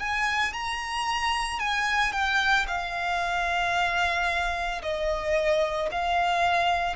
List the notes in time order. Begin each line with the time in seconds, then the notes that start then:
0.00 G#5
0.54 A#5
1.60 G#5
2.13 G5
2.68 F5
4.83 D#5
5.92 F5